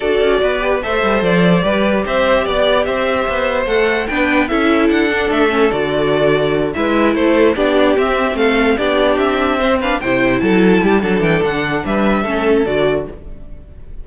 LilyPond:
<<
  \new Staff \with { instrumentName = "violin" } { \time 4/4 \tempo 4 = 147 d''2 e''4 d''4~ | d''4 e''4 d''4 e''4~ | e''4 fis''4 g''4 e''4 | fis''4 e''4 d''2~ |
d''8 e''4 c''4 d''4 e''8~ | e''8 f''4 d''4 e''4. | f''8 g''4 a''2 g''8 | fis''4 e''2 d''4 | }
  \new Staff \with { instrumentName = "violin" } { \time 4/4 a'4 b'4 c''2 | b'4 c''4 d''4 c''4~ | c''2 b'4 a'4~ | a'1~ |
a'8 b'4 a'4 g'4.~ | g'8 a'4 g'2 c''8 | b'8 c''4 a'4 g'8 a'4~ | a'4 b'4 a'2 | }
  \new Staff \with { instrumentName = "viola" } { \time 4/4 fis'4. g'8 a'2 | g'1~ | g'4 a'4 d'4 e'4~ | e'8 d'4 cis'8 fis'2~ |
fis'8 e'2 d'4 c'8~ | c'4. d'2 c'8 | d'8 e'2~ e'8 d'4~ | d'2 cis'4 fis'4 | }
  \new Staff \with { instrumentName = "cello" } { \time 4/4 d'8 cis'8 b4 a8 g8 f4 | g4 c'4 b4 c'4 | b4 a4 b4 cis'4 | d'4 a4 d2~ |
d8 gis4 a4 b4 c'8~ | c'8 a4 b4 c'4.~ | c'8 c4 fis4 g8 fis8 e8 | d4 g4 a4 d4 | }
>>